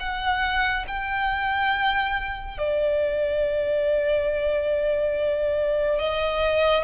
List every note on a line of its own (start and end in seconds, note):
0.00 0.86 F#5
0.87 2.58 G5
2.58 5.99 D5
5.99 6.84 D#5